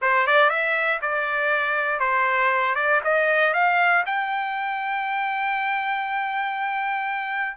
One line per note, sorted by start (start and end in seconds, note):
0.01 0.27 C5
0.27 0.49 D5
0.49 0.99 E5
1.01 1.99 D5
1.99 2.75 C5
2.75 3.00 D5
3.04 3.53 D#5
3.53 4.04 F5
4.06 7.57 G5